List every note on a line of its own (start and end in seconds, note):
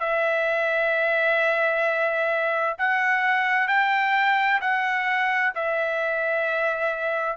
0.00 2.77 E5
2.79 3.68 F#5
3.68 4.60 G5
4.62 5.54 F#5
5.56 7.37 E5